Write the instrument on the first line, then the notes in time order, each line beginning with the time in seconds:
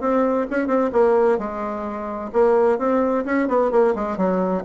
bassoon
0.00 C4
0.50 C#4
0.67 C4
0.92 A#3
1.38 G#3
2.32 A#3
2.78 C4
3.25 C#4
3.48 B3
3.71 A#3
3.95 G#3
4.17 F#3